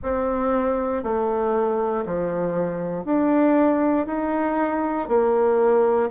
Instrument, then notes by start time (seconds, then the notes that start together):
bassoon
0.02 C4
1.03 A3
2.05 F3
3.04 D4
4.06 D#4
5.08 A#3